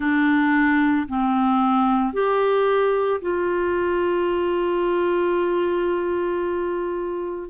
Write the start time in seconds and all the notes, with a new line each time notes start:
0.00 D4
1.08 C4
2.13 G4
3.21 F4